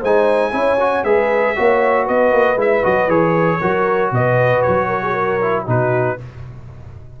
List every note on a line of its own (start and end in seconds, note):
0.00 0.52 G#3
0.00 0.51 D#4
0.00 0.51 C5
0.00 1.04 G#5
0.51 1.04 C#4
0.51 0.77 E4
0.51 1.04 C#5
0.79 1.05 F#4
1.04 1.55 G#3
1.04 1.56 G#4
1.04 1.55 B4
1.04 2.06 E5
1.56 2.08 A#3
1.56 2.57 F#4
1.56 2.04 C#5
2.04 2.32 B3
2.04 3.58 B4
2.04 2.58 D#5
2.32 2.56 A#3
2.56 2.81 G#3
2.56 2.82 E4
2.56 2.85 E5
2.82 3.07 F#3
2.82 3.08 F#4
2.82 3.09 D#5
3.07 3.59 E3
3.07 3.59 G#4
3.07 4.12 C#5
3.60 4.11 F#3
3.60 5.40 F#4
3.60 4.11 A#4
4.11 4.62 B2
4.11 4.87 B4
4.11 4.61 D#5
4.61 5.67 F#3
4.61 5.64 C#5
4.87 5.00 A#4
5.02 5.13 G#4
5.13 5.64 A#4
5.41 5.66 E4
5.66 6.18 B2
5.66 6.17 D#4
5.66 6.18 F#4
5.66 6.20 B4